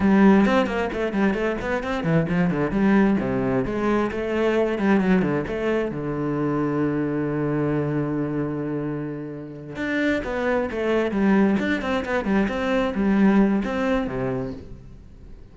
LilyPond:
\new Staff \with { instrumentName = "cello" } { \time 4/4 \tempo 4 = 132 g4 c'8 ais8 a8 g8 a8 b8 | c'8 e8 f8 d8 g4 c4 | gis4 a4. g8 fis8 d8 | a4 d2.~ |
d1~ | d4. d'4 b4 a8~ | a8 g4 d'8 c'8 b8 g8 c'8~ | c'8 g4. c'4 c4 | }